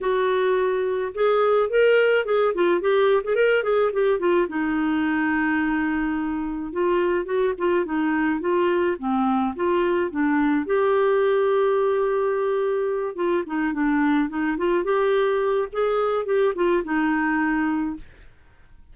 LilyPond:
\new Staff \with { instrumentName = "clarinet" } { \time 4/4 \tempo 4 = 107 fis'2 gis'4 ais'4 | gis'8 f'8 g'8. gis'16 ais'8 gis'8 g'8 f'8 | dis'1 | f'4 fis'8 f'8 dis'4 f'4 |
c'4 f'4 d'4 g'4~ | g'2.~ g'8 f'8 | dis'8 d'4 dis'8 f'8 g'4. | gis'4 g'8 f'8 dis'2 | }